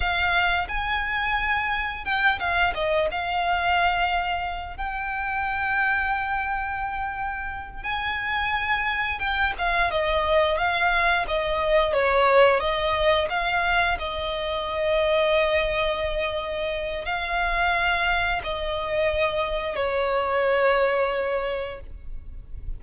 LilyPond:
\new Staff \with { instrumentName = "violin" } { \time 4/4 \tempo 4 = 88 f''4 gis''2 g''8 f''8 | dis''8 f''2~ f''8 g''4~ | g''2.~ g''8 gis''8~ | gis''4. g''8 f''8 dis''4 f''8~ |
f''8 dis''4 cis''4 dis''4 f''8~ | f''8 dis''2.~ dis''8~ | dis''4 f''2 dis''4~ | dis''4 cis''2. | }